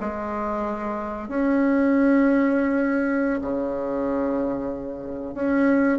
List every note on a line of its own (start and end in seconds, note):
0.00 1.28 G#3
1.28 3.40 C#4
3.41 5.34 C#3
5.34 5.98 C#4